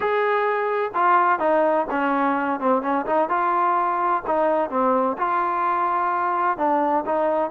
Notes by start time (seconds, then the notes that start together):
0.00 G#4
0.94 F4
1.39 D#4
1.90 C#4
2.60 C4
2.82 C#4
3.06 D#4
3.29 F4
4.26 D#4
4.69 C4
5.17 F4
6.57 D4
7.05 D#4